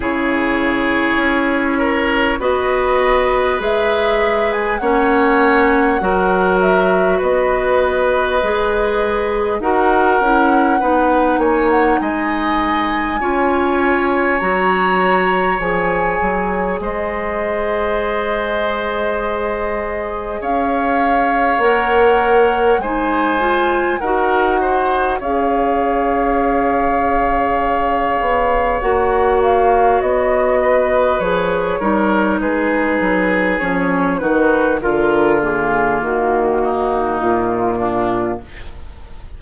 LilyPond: <<
  \new Staff \with { instrumentName = "flute" } { \time 4/4 \tempo 4 = 50 cis''2 dis''4 e''8. gis''16 | fis''4. e''8 dis''2 | fis''4. gis''16 fis''16 gis''2 | ais''4 gis''4 dis''2~ |
dis''4 f''4 fis''4 gis''4 | fis''4 f''2. | fis''8 f''8 dis''4 cis''4 b'4 | cis''8 b'8 ais'8 gis'8 fis'4 f'4 | }
  \new Staff \with { instrumentName = "oboe" } { \time 4/4 gis'4. ais'8 b'2 | cis''4 ais'4 b'2 | ais'4 b'8 cis''8 dis''4 cis''4~ | cis''2 c''2~ |
c''4 cis''2 c''4 | ais'8 c''8 cis''2.~ | cis''4. b'4 ais'8 gis'4~ | gis'8 fis'8 f'4. dis'4 d'8 | }
  \new Staff \with { instrumentName = "clarinet" } { \time 4/4 e'2 fis'4 gis'4 | cis'4 fis'2 gis'4 | fis'8 e'8 dis'2 f'4 | fis'4 gis'2.~ |
gis'2 ais'4 dis'8 f'8 | fis'4 gis'2. | fis'2 gis'8 dis'4. | cis'8 dis'8 f'8 ais2~ ais8 | }
  \new Staff \with { instrumentName = "bassoon" } { \time 4/4 cis4 cis'4 b4 gis4 | ais4 fis4 b4 gis4 | dis'8 cis'8 b8 ais8 gis4 cis'4 | fis4 f8 fis8 gis2~ |
gis4 cis'4 ais4 gis4 | dis'4 cis'2~ cis'8 b8 | ais4 b4 f8 g8 gis8 fis8 | f8 dis8 d4 dis4 ais,4 | }
>>